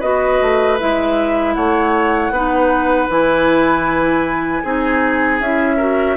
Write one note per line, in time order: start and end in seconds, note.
0.00 0.40 B3
0.00 0.79 F#4
0.00 1.54 B4
0.00 0.78 D#5
0.42 0.80 A3
0.79 1.57 G#3
0.79 2.33 E4
0.79 1.54 E5
1.54 2.31 A3
1.54 2.33 C#5
1.54 3.08 F#5
2.31 3.08 B3
2.31 3.11 D#4
2.31 4.64 B4
3.10 4.63 E3
3.10 4.64 E4
3.10 5.41 G#5
4.64 5.41 C4
4.64 5.42 D#4
4.64 5.77 G#4
5.41 6.17 C#4
5.41 5.79 E4
5.41 6.18 E5
5.77 6.17 F#4
5.77 6.15 A#4